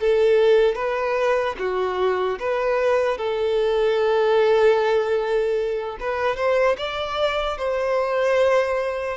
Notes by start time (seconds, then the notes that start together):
0.00 A4
0.76 B4
1.59 F#4
2.39 B4
3.18 A4
6.00 B4
6.36 C5
6.77 D5
7.58 C5